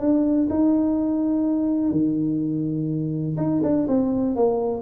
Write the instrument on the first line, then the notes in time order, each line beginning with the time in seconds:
tuba
0.00 D4
0.50 D#4
1.92 D#3
3.38 D#4
3.63 D4
3.88 C4
4.36 A#3